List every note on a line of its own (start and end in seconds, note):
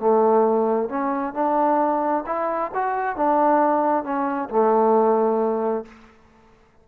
0.00 0.90 A3
0.90 1.34 C#4
1.34 2.25 D4
2.27 2.72 E4
2.74 3.17 F#4
3.17 4.04 D4
4.04 4.49 C#4
4.50 5.85 A3